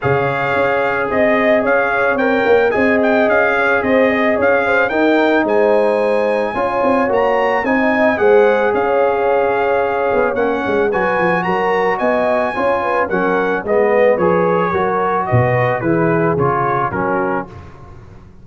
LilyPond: <<
  \new Staff \with { instrumentName = "trumpet" } { \time 4/4 \tempo 4 = 110 f''2 dis''4 f''4 | g''4 gis''8 g''8 f''4 dis''4 | f''4 g''4 gis''2~ | gis''4 ais''4 gis''4 fis''4 |
f''2. fis''4 | gis''4 ais''4 gis''2 | fis''4 dis''4 cis''2 | dis''4 b'4 cis''4 ais'4 | }
  \new Staff \with { instrumentName = "horn" } { \time 4/4 cis''2 dis''4 cis''4~ | cis''4 dis''4. cis''8 c''8 dis''8 | cis''8 c''8 ais'4 c''2 | cis''2 dis''4 c''4 |
cis''1 | b'4 ais'4 dis''4 cis''8 b'8 | ais'4 b'2 ais'4 | b'4 gis'2 fis'4 | }
  \new Staff \with { instrumentName = "trombone" } { \time 4/4 gis'1 | ais'4 gis'2.~ | gis'4 dis'2. | f'4 fis'4 dis'4 gis'4~ |
gis'2. cis'4 | fis'2. f'4 | cis'4 b4 gis'4 fis'4~ | fis'4 e'4 f'4 cis'4 | }
  \new Staff \with { instrumentName = "tuba" } { \time 4/4 cis4 cis'4 c'4 cis'4 | c'8 ais8 c'4 cis'4 c'4 | cis'4 dis'4 gis2 | cis'8 c'8 ais4 c'4 gis4 |
cis'2~ cis'8 b8 ais8 gis8 | fis8 f8 fis4 b4 cis'4 | fis4 gis4 f4 fis4 | b,4 e4 cis4 fis4 | }
>>